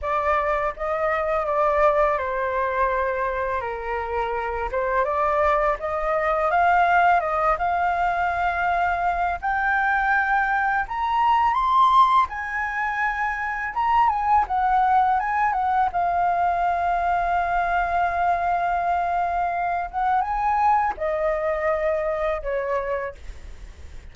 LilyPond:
\new Staff \with { instrumentName = "flute" } { \time 4/4 \tempo 4 = 83 d''4 dis''4 d''4 c''4~ | c''4 ais'4. c''8 d''4 | dis''4 f''4 dis''8 f''4.~ | f''4 g''2 ais''4 |
c'''4 gis''2 ais''8 gis''8 | fis''4 gis''8 fis''8 f''2~ | f''2.~ f''8 fis''8 | gis''4 dis''2 cis''4 | }